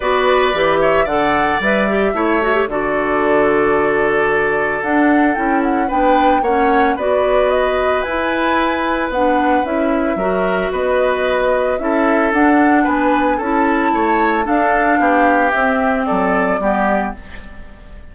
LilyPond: <<
  \new Staff \with { instrumentName = "flute" } { \time 4/4 \tempo 4 = 112 d''4. e''8 fis''4 e''4~ | e''4 d''2.~ | d''4 fis''4 g''8 fis''8 g''4 | fis''4 d''4 dis''4 gis''4~ |
gis''4 fis''4 e''2 | dis''2 e''4 fis''4 | gis''4 a''2 f''4~ | f''4 e''4 d''2 | }
  \new Staff \with { instrumentName = "oboe" } { \time 4/4 b'4. cis''8 d''2 | cis''4 a'2.~ | a'2. b'4 | cis''4 b'2.~ |
b'2. ais'4 | b'2 a'2 | b'4 a'4 cis''4 a'4 | g'2 a'4 g'4 | }
  \new Staff \with { instrumentName = "clarinet" } { \time 4/4 fis'4 g'4 a'4 b'8 g'8 | e'8 fis'16 g'16 fis'2.~ | fis'4 d'4 e'4 d'4 | cis'4 fis'2 e'4~ |
e'4 d'4 e'4 fis'4~ | fis'2 e'4 d'4~ | d'4 e'2 d'4~ | d'4 c'2 b4 | }
  \new Staff \with { instrumentName = "bassoon" } { \time 4/4 b4 e4 d4 g4 | a4 d2.~ | d4 d'4 cis'4 b4 | ais4 b2 e'4~ |
e'4 b4 cis'4 fis4 | b2 cis'4 d'4 | b4 cis'4 a4 d'4 | b4 c'4 fis4 g4 | }
>>